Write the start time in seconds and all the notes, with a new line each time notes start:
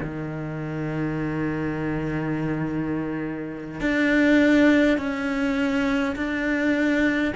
0.00 D#3
3.80 D4
4.97 C#4
6.16 D4